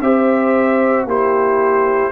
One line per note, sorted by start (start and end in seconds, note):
0.00 1.04 C4
0.00 1.07 G4
0.00 1.07 C5
0.00 1.06 E5
1.04 2.10 A#3
1.04 2.11 E4
1.04 2.11 G4
1.04 2.11 C5